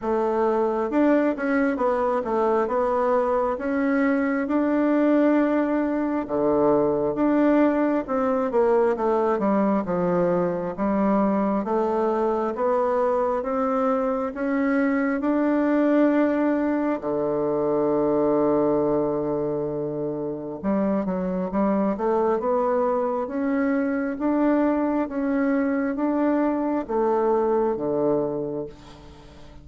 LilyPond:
\new Staff \with { instrumentName = "bassoon" } { \time 4/4 \tempo 4 = 67 a4 d'8 cis'8 b8 a8 b4 | cis'4 d'2 d4 | d'4 c'8 ais8 a8 g8 f4 | g4 a4 b4 c'4 |
cis'4 d'2 d4~ | d2. g8 fis8 | g8 a8 b4 cis'4 d'4 | cis'4 d'4 a4 d4 | }